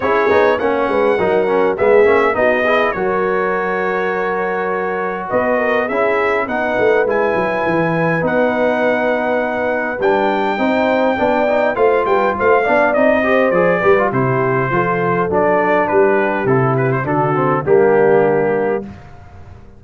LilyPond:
<<
  \new Staff \with { instrumentName = "trumpet" } { \time 4/4 \tempo 4 = 102 cis''4 fis''2 e''4 | dis''4 cis''2.~ | cis''4 dis''4 e''4 fis''4 | gis''2 fis''2~ |
fis''4 g''2. | f''8 g''8 f''4 dis''4 d''4 | c''2 d''4 b'4 | a'8 b'16 c''16 a'4 g'2 | }
  \new Staff \with { instrumentName = "horn" } { \time 4/4 gis'4 cis''8 b'8 ais'4 gis'4 | fis'8 gis'8 ais'2.~ | ais'4 b'8 ais'8 gis'4 b'4~ | b'1~ |
b'2 c''4 d''4 | c''8 b'8 c''8 d''4 c''4 b'8 | g'4 a'2 g'4~ | g'4 fis'4 d'2 | }
  \new Staff \with { instrumentName = "trombone" } { \time 4/4 e'8 dis'8 cis'4 dis'8 cis'8 b8 cis'8 | dis'8 e'8 fis'2.~ | fis'2 e'4 dis'4 | e'2 dis'2~ |
dis'4 d'4 dis'4 d'8 dis'8 | f'4. d'8 dis'8 g'8 gis'8 g'16 f'16 | e'4 f'4 d'2 | e'4 d'8 c'8 ais2 | }
  \new Staff \with { instrumentName = "tuba" } { \time 4/4 cis'8 b8 ais8 gis8 fis4 gis8 ais8 | b4 fis2.~ | fis4 b4 cis'4 b8 a8 | gis8 fis8 e4 b2~ |
b4 g4 c'4 b4 | a8 g8 a8 b8 c'4 f8 g8 | c4 f4 fis4 g4 | c4 d4 g2 | }
>>